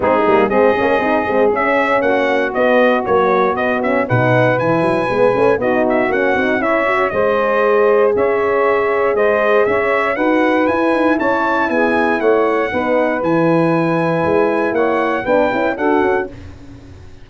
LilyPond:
<<
  \new Staff \with { instrumentName = "trumpet" } { \time 4/4 \tempo 4 = 118 gis'4 dis''2 e''4 | fis''4 dis''4 cis''4 dis''8 e''8 | fis''4 gis''2 dis''8 e''8 | fis''4 e''4 dis''2 |
e''2 dis''4 e''4 | fis''4 gis''4 a''4 gis''4 | fis''2 gis''2~ | gis''4 fis''4 g''4 fis''4 | }
  \new Staff \with { instrumentName = "saxophone" } { \time 4/4 dis'4 gis'2. | fis'1 | b'2. fis'4~ | fis'4 cis''4 c''2 |
cis''2 c''4 cis''4 | b'2 cis''4 gis'4 | cis''4 b'2.~ | b'4 cis''4 b'4 a'4 | }
  \new Staff \with { instrumentName = "horn" } { \time 4/4 c'8 ais8 c'8 cis'8 dis'8 c'8 cis'4~ | cis'4 b4 fis4 b8 cis'8 | dis'4 e'4 b8 cis'8 dis'4 | cis'8 dis'8 e'8 fis'8 gis'2~ |
gis'1 | fis'4 e'2.~ | e'4 dis'4 e'2~ | e'2 d'8 e'8 fis'4 | }
  \new Staff \with { instrumentName = "tuba" } { \time 4/4 gis8 g8 gis8 ais8 c'8 gis8 cis'4 | ais4 b4 ais4 b4 | b,4 e8 fis8 gis8 a8 b4 | ais8 c'8 cis'4 gis2 |
cis'2 gis4 cis'4 | dis'4 e'8 dis'8 cis'4 b4 | a4 b4 e2 | gis4 ais4 b8 cis'8 d'8 cis'8 | }
>>